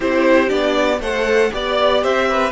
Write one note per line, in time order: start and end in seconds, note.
0.00 0.50 C4
0.00 0.48 E4
0.00 1.00 G4
0.00 0.49 C5
0.48 1.00 B3
0.48 0.99 D4
0.48 0.99 D5
1.00 1.50 A3
1.00 1.51 A4
1.00 1.51 C5
1.00 1.52 F#5
1.51 2.04 B3
1.51 2.51 G4
1.51 2.04 D5
1.51 2.02 D5
2.02 2.51 C4
2.02 2.28 C5
2.02 2.51 E5
2.28 2.51 B4